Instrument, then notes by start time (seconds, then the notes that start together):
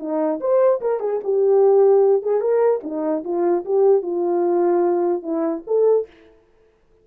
horn
0.00 D#4
0.41 C5
0.82 A#4
1.00 G#4
1.24 G4
2.23 G#4
2.41 A#4
2.84 D#4
3.25 F4
3.66 G4
4.03 F4
5.23 E4
5.67 A4